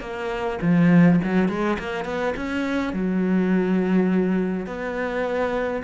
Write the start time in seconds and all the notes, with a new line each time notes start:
0.00 A#3
0.61 F3
1.24 F#3
1.48 G#3
1.78 A#3
2.05 B3
2.36 C#4
2.93 F#3
4.66 B3